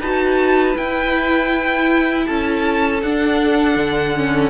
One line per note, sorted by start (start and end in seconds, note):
0.00 0.75 D#4
0.00 0.75 F#4
0.00 2.25 B4
0.00 0.77 A5
0.75 3.00 E4
0.75 2.28 E4
0.75 2.26 G5
2.26 3.03 C#4
2.26 4.50 A4
2.26 3.01 A5
3.03 3.76 D4
3.03 4.16 D4
3.03 4.50 F#5
3.76 4.50 D3
4.16 4.50 C#4